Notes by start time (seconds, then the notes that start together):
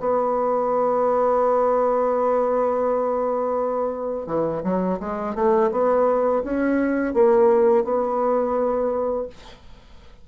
0.00 B3
4.27 E3
4.64 F#3
5.00 G#3
5.35 A3
5.72 B3
6.44 C#4
7.14 A#3
7.84 B3